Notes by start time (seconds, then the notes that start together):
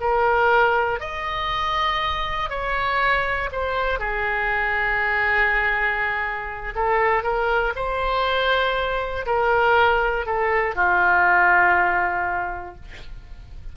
0.00 A#4
1.00 D#5
2.49 C#5
3.52 C5
3.99 G#4
6.75 A4
7.23 A#4
7.75 C5
9.26 A#4
10.25 A4
10.75 F4